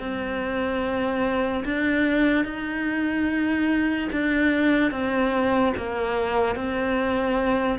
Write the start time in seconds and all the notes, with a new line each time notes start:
0.00 C4
1.66 D4
2.45 D#4
4.12 D4
4.92 C4
5.77 A#3
6.56 C4